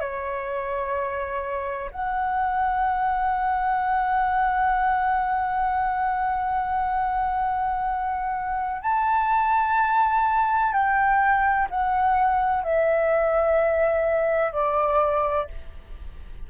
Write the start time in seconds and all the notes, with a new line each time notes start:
0.00 C#5
1.91 F#5
8.82 A5
10.73 G5
11.70 F#5
12.63 E5
14.52 D5